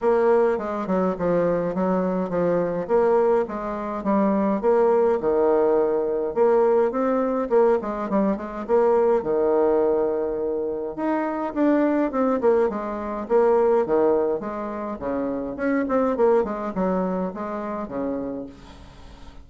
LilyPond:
\new Staff \with { instrumentName = "bassoon" } { \time 4/4 \tempo 4 = 104 ais4 gis8 fis8 f4 fis4 | f4 ais4 gis4 g4 | ais4 dis2 ais4 | c'4 ais8 gis8 g8 gis8 ais4 |
dis2. dis'4 | d'4 c'8 ais8 gis4 ais4 | dis4 gis4 cis4 cis'8 c'8 | ais8 gis8 fis4 gis4 cis4 | }